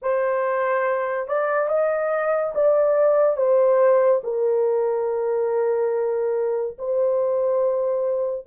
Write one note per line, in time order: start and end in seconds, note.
0.02 1.27 C5
1.27 1.68 D5
1.68 2.53 D#5
2.54 3.36 D5
3.36 4.21 C5
4.23 6.77 A#4
6.78 8.46 C5